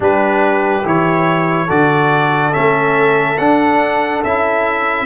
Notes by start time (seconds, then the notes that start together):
0.00 G3 D4 G4 B4
0.84 E3 E4 C#5
1.67 D3 F#4 A4 D5
2.52 A3 C#4 E5
3.38 D4 F#5
4.23 C#4 E4 E5